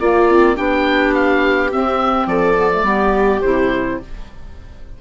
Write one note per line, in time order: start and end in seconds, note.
0.00 0.57 A#3
0.00 0.30 A#3
0.00 0.56 F4
0.00 0.57 D5
0.30 0.56 C4
0.56 1.73 B3
0.56 1.70 D4
0.56 2.27 G4
0.56 1.14 G5
1.14 1.71 F5
1.70 2.56 C4
1.70 2.26 C4
1.70 2.28 E5
2.26 2.83 F3
2.26 2.85 A4
2.26 3.41 D5
2.56 2.70 B3
2.71 2.84 A3
2.83 3.40 G3
2.83 3.41 B3
2.83 3.99 G4
3.41 4.01 C3
3.41 4.01 E4
3.41 3.98 C5